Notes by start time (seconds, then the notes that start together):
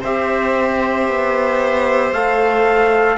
0.00 C4 G4 C5 E5
1.08 B3
2.11 A3 A4 F5